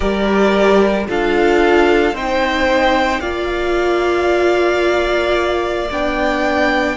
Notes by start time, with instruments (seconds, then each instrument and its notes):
0.00 cello G3, viola G4, violin A#4 D5
1.07 cello D4, viola F4, violin A4 F5
2.12 cello C4, viola D#4, violin C5 G5
3.20 cello A#3, viola F4, violin D5 F5
5.90 cello B3, viola D4, violin G5